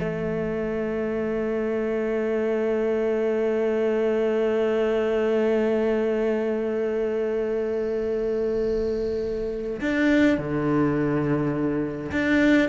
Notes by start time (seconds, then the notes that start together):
0.00 A3
9.81 D4
10.38 D3
12.12 D4